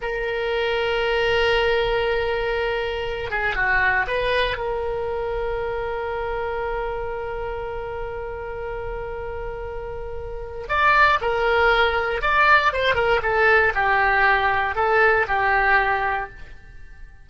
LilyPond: \new Staff \with { instrumentName = "oboe" } { \time 4/4 \tempo 4 = 118 ais'1~ | ais'2~ ais'8 gis'8 fis'4 | b'4 ais'2.~ | ais'1~ |
ais'1~ | ais'4 d''4 ais'2 | d''4 c''8 ais'8 a'4 g'4~ | g'4 a'4 g'2 | }